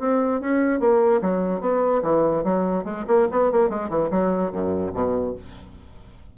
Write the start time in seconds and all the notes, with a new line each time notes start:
0.00 C4
0.41 C#4
0.80 A#3
1.22 F#3
1.61 B3
2.03 E3
2.44 F#3
2.85 G#3
3.08 A#3
3.31 B3
3.52 A#3
3.70 G#3
3.90 E3
4.11 F#3
4.52 F#2
4.94 B2